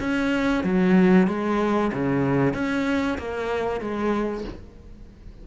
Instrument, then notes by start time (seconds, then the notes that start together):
cello
0.00 C#4
0.64 F#3
1.28 G#3
1.93 C#3
2.54 C#4
3.18 A#3
3.81 G#3